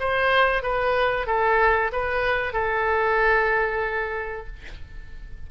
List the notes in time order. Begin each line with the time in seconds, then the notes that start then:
0.00 C5
0.63 B4
1.27 A4
1.92 B4
2.53 A4